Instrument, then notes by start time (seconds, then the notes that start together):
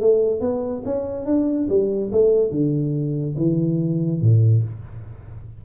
tuba
0.00 A3
0.40 B3
0.85 C#4
1.25 D4
1.69 G3
2.12 A3
2.50 D3
3.37 E3
4.21 A2